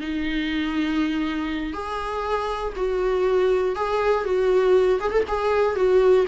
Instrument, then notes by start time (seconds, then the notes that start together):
viola
0.00 D#4
1.73 G#4
2.75 F#4
3.75 G#4
4.24 F#4
5.00 G#4
5.11 A4
5.27 G#4
5.75 F#4